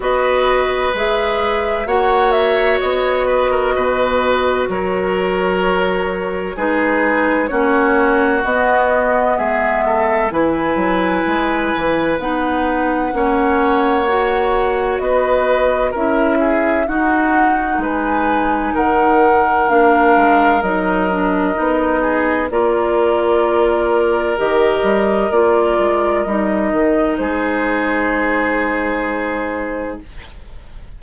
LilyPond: <<
  \new Staff \with { instrumentName = "flute" } { \time 4/4 \tempo 4 = 64 dis''4 e''4 fis''8 e''8 dis''4~ | dis''4 cis''2 b'4 | cis''4 dis''4 e''4 gis''4~ | gis''4 fis''2. |
dis''4 e''4 fis''4 gis''4 | fis''4 f''4 dis''2 | d''2 dis''4 d''4 | dis''4 c''2. | }
  \new Staff \with { instrumentName = "oboe" } { \time 4/4 b'2 cis''4. b'16 ais'16 | b'4 ais'2 gis'4 | fis'2 gis'8 a'8 b'4~ | b'2 cis''2 |
b'4 ais'8 gis'8 fis'4 b'4 | ais'2.~ ais'8 gis'8 | ais'1~ | ais'4 gis'2. | }
  \new Staff \with { instrumentName = "clarinet" } { \time 4/4 fis'4 gis'4 fis'2~ | fis'2. dis'4 | cis'4 b2 e'4~ | e'4 dis'4 cis'4 fis'4~ |
fis'4 e'4 dis'2~ | dis'4 d'4 dis'8 d'8 dis'4 | f'2 g'4 f'4 | dis'1 | }
  \new Staff \with { instrumentName = "bassoon" } { \time 4/4 b4 gis4 ais4 b4 | b,4 fis2 gis4 | ais4 b4 gis4 e8 fis8 | gis8 e8 b4 ais2 |
b4 cis'4 dis'4 gis4 | dis4 ais8 gis8 fis4 b4 | ais2 dis8 g8 ais8 gis8 | g8 dis8 gis2. | }
>>